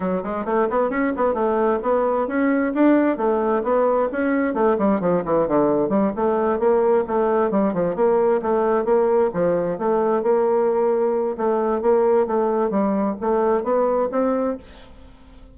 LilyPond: \new Staff \with { instrumentName = "bassoon" } { \time 4/4 \tempo 4 = 132 fis8 gis8 a8 b8 cis'8 b8 a4 | b4 cis'4 d'4 a4 | b4 cis'4 a8 g8 f8 e8 | d4 g8 a4 ais4 a8~ |
a8 g8 f8 ais4 a4 ais8~ | ais8 f4 a4 ais4.~ | ais4 a4 ais4 a4 | g4 a4 b4 c'4 | }